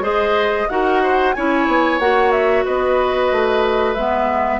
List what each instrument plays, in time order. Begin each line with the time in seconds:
0.00 bassoon G#3, clarinet G#4, oboe C5, flute D#5
0.69 bassoon D#4, clarinet F#4, oboe A#4, flute F#5
1.03 oboe C5
1.33 bassoon C#4, clarinet E4, oboe C#5, flute G#5
1.67 bassoon B3
1.99 bassoon A#3, clarinet F#4, flute F#5
2.31 flute E5
2.65 bassoon B3, oboe B4, flute D#5
3.31 bassoon A3
3.94 bassoon G#3, clarinet B3, flute E5